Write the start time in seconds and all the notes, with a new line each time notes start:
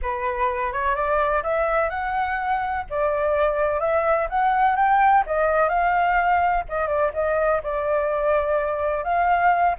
0.02 B4
0.73 C#5
0.95 D5
1.43 E5
1.89 F#5
2.90 D5
3.79 E5
4.29 F#5
4.76 G5
5.26 D#5
5.69 F5
6.68 D#5
6.87 D5
7.13 D#5
7.63 D5
9.04 F5